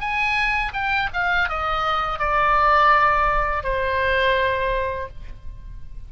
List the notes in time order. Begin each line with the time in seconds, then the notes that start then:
0.00 G#5
0.73 G5
1.13 F5
1.49 D#5
2.19 D5
3.63 C5